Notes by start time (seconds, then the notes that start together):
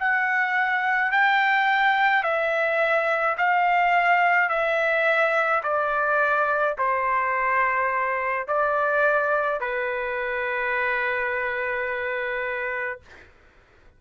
0.00 F#5
1.12 G5
2.24 E5
3.38 F5
4.49 E5
5.63 D5
6.78 C5
8.48 D5
9.61 B4